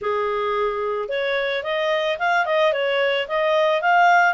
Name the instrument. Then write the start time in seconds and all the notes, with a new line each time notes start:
clarinet
0.01 G#4
1.09 C#5
1.63 D#5
2.18 F5
2.45 D#5
2.72 C#5
3.28 D#5
3.81 F5